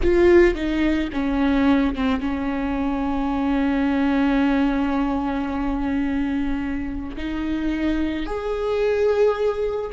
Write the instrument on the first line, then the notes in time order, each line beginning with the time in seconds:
viola
0.03 F4
0.54 D#4
1.12 C#4
1.95 C4
2.20 C#4
7.17 D#4
8.25 G#4